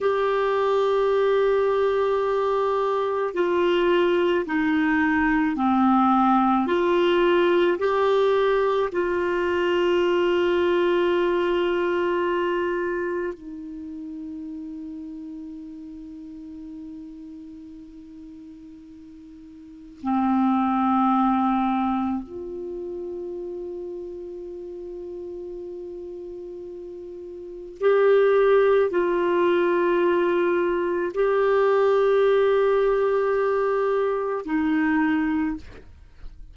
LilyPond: \new Staff \with { instrumentName = "clarinet" } { \time 4/4 \tempo 4 = 54 g'2. f'4 | dis'4 c'4 f'4 g'4 | f'1 | dis'1~ |
dis'2 c'2 | f'1~ | f'4 g'4 f'2 | g'2. dis'4 | }